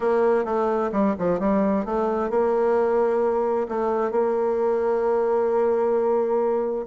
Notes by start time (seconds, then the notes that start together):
0.00 A#3
0.45 A3
0.92 G3
1.18 F3
1.39 G3
1.85 A3
2.30 A#3
3.68 A3
4.11 A#3